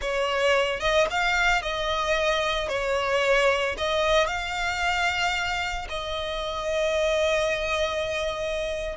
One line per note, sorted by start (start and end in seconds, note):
0.01 0.79 C#5
0.79 1.06 D#5
1.10 1.62 F5
1.62 2.68 D#5
2.68 3.75 C#5
3.77 4.27 D#5
4.27 5.87 F5
5.89 8.96 D#5